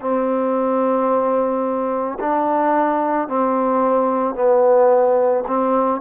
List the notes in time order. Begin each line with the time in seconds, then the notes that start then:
0.00 C4
2.20 D4
3.28 C4
4.34 B3
5.47 C4